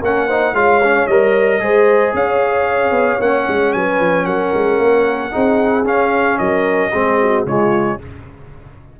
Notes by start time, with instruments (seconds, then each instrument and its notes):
0.00 tuba A#3, trombone C#4, horn A#4, trumpet F#5
0.27 trombone D#4, horn C5
0.52 tuba G#3, trombone F4, horn C#5, trumpet F5
0.83 trombone C#4
1.07 tuba G3, trombone A#4, trumpet D#5
1.59 tuba G#3, trombone G#4, horn C5
2.13 tuba C#4, horn C#5, trumpet F5
2.90 tuba B3
3.19 tuba A#3, trombone C#4, trumpet F#5
3.47 tuba G#3
3.73 tuba F#3, horn B4, trumpet G#5
4.00 tuba F3
4.25 tuba F#3, horn A#4, trumpet F#5
4.54 tuba G#3
4.77 tuba A#3
5.31 tuba C4, trombone D#4, horn G#4
5.84 tuba C#4, trombone C#4, trumpet F5
6.38 tuba F#3, horn A#4, trumpet D#5
6.90 tuba G#3, trombone C4, horn G#4
7.21 horn F#4
7.45 tuba C#3, trombone G#3, horn F4, trumpet C#5